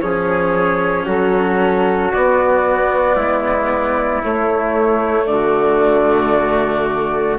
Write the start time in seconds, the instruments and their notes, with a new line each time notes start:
0.00 bassoon F3, cello C#4, trumpet G#4, flute C#5
1.05 bassoon F#3, trumpet F#4, flute A4
2.12 cello B3, bassoon B3, flute D5
3.16 bassoon G#3, trumpet E4
4.23 cello A3, bassoon A3, flute C#5
5.26 bassoon D3, trumpet F#4, flute D5